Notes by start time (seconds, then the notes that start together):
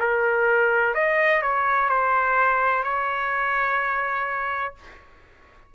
0.00 A#4
0.95 D#5
1.42 C#5
1.90 C5
2.84 C#5